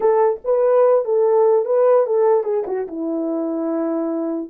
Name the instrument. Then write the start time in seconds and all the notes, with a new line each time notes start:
horn
0.00 A4
0.44 B4
1.04 A4
1.65 B4
2.06 A4
2.43 G#4
2.66 F#4
2.87 E4